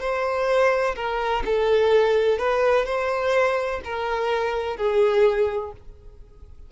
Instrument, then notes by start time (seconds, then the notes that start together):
violin
0.00 C5
0.96 A#4
1.45 A4
2.39 B4
2.86 C5
3.84 A#4
4.77 G#4